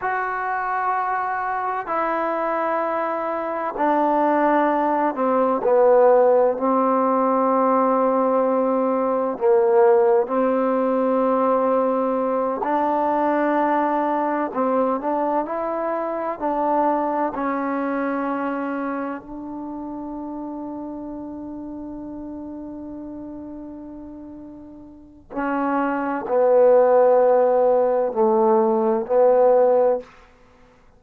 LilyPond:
\new Staff \with { instrumentName = "trombone" } { \time 4/4 \tempo 4 = 64 fis'2 e'2 | d'4. c'8 b4 c'4~ | c'2 ais4 c'4~ | c'4. d'2 c'8 |
d'8 e'4 d'4 cis'4.~ | cis'8 d'2.~ d'8~ | d'2. cis'4 | b2 a4 b4 | }